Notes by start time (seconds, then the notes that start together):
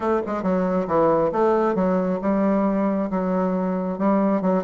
0.00 A3
0.26 G#3
0.42 F#3
0.87 E3
1.32 A3
1.75 F#3
2.21 G3
3.10 F#3
3.98 G3
4.41 F#3